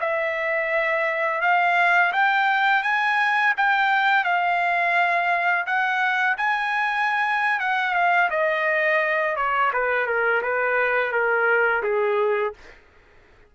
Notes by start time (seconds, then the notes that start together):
0.00 E5
1.41 F5
2.12 G5
2.83 G#5
3.57 G5
4.24 F5
5.66 F#5
6.37 G#5
7.60 F#5
7.94 F5
8.30 D#5
9.36 C#5
9.73 B4
10.06 A#4
10.42 B4
11.12 A#4
11.83 G#4